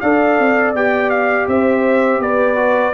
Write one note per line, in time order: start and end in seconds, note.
0.00 0.39 D4
0.00 0.76 A4
0.00 1.48 D5
0.00 0.73 F5
0.39 0.74 C4
0.74 1.47 B3
0.74 2.55 G4
0.74 1.10 G5
1.10 1.46 F5
1.47 2.19 C4
1.47 2.22 C5
1.47 2.21 E5
2.19 2.92 B3
2.19 2.94 B4
2.19 2.94 D5
2.55 2.92 F#4